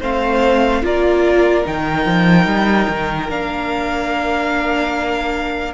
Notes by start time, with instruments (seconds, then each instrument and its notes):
0.00 cello A3, viola C4, violin C5 F5
0.83 cello A#3, viola F4, violin A#4 D5
1.64 cello D#3, viola D#4, violin G5
2.05 cello F3
2.46 cello G3
2.89 cello D#3
3.29 cello A#3, viola D4, violin F5